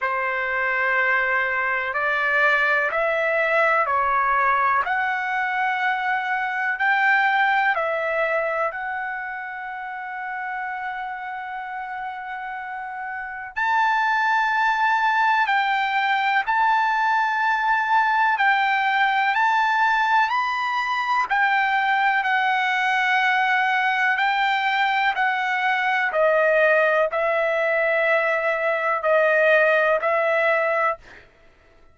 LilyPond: \new Staff \with { instrumentName = "trumpet" } { \time 4/4 \tempo 4 = 62 c''2 d''4 e''4 | cis''4 fis''2 g''4 | e''4 fis''2.~ | fis''2 a''2 |
g''4 a''2 g''4 | a''4 b''4 g''4 fis''4~ | fis''4 g''4 fis''4 dis''4 | e''2 dis''4 e''4 | }